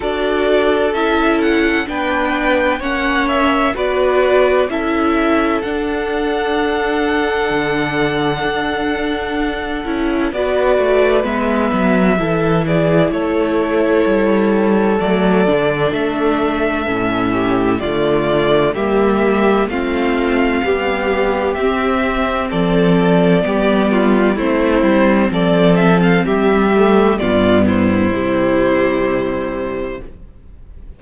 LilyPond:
<<
  \new Staff \with { instrumentName = "violin" } { \time 4/4 \tempo 4 = 64 d''4 e''8 fis''8 g''4 fis''8 e''8 | d''4 e''4 fis''2~ | fis''2. d''4 | e''4. d''8 cis''2 |
d''4 e''2 d''4 | e''4 f''2 e''4 | d''2 c''4 d''8 e''16 f''16 | e''4 d''8 c''2~ c''8 | }
  \new Staff \with { instrumentName = "violin" } { \time 4/4 a'2 b'4 cis''4 | b'4 a'2.~ | a'2. b'4~ | b'4 a'8 gis'8 a'2~ |
a'2~ a'8 g'8 f'4 | g'4 f'4 g'2 | a'4 g'8 f'8 e'4 a'4 | g'4 f'8 e'2~ e'8 | }
  \new Staff \with { instrumentName = "viola" } { \time 4/4 fis'4 e'4 d'4 cis'4 | fis'4 e'4 d'2~ | d'2~ d'8 e'8 fis'4 | b4 e'2. |
a8 d'4. cis'4 a4 | ais4 c'4 g4 c'4~ | c'4 b4 c'2~ | c'8 a8 b4 g2 | }
  \new Staff \with { instrumentName = "cello" } { \time 4/4 d'4 cis'4 b4 ais4 | b4 cis'4 d'2 | d4 d'4. cis'8 b8 a8 | gis8 fis8 e4 a4 g4 |
fis8 d8 a4 a,4 d4 | g4 a4 b4 c'4 | f4 g4 a8 g8 f4 | g4 g,4 c2 | }
>>